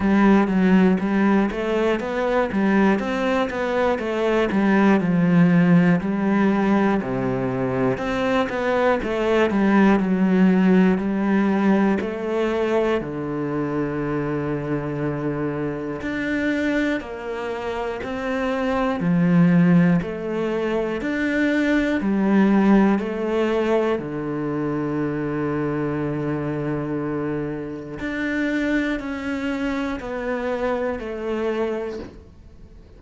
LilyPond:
\new Staff \with { instrumentName = "cello" } { \time 4/4 \tempo 4 = 60 g8 fis8 g8 a8 b8 g8 c'8 b8 | a8 g8 f4 g4 c4 | c'8 b8 a8 g8 fis4 g4 | a4 d2. |
d'4 ais4 c'4 f4 | a4 d'4 g4 a4 | d1 | d'4 cis'4 b4 a4 | }